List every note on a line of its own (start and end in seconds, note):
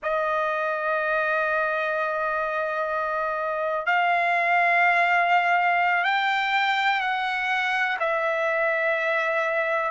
0.02 3.86 D#5
3.86 6.04 F5
6.04 7.00 G5
7.00 7.97 F#5
7.99 9.91 E5